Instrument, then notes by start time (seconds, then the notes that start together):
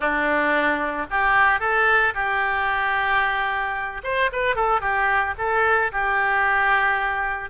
oboe
0.00 D4
1.10 G4
1.60 A4
2.14 G4
4.03 C5
4.32 B4
4.55 A4
4.80 G4
5.38 A4
5.91 G4